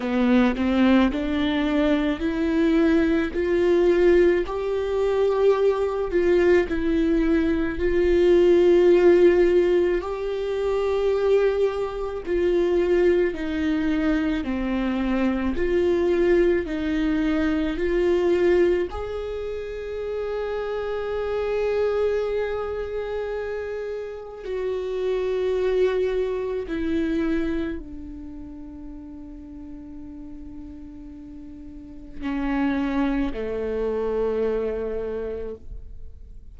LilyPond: \new Staff \with { instrumentName = "viola" } { \time 4/4 \tempo 4 = 54 b8 c'8 d'4 e'4 f'4 | g'4. f'8 e'4 f'4~ | f'4 g'2 f'4 | dis'4 c'4 f'4 dis'4 |
f'4 gis'2.~ | gis'2 fis'2 | e'4 d'2.~ | d'4 cis'4 a2 | }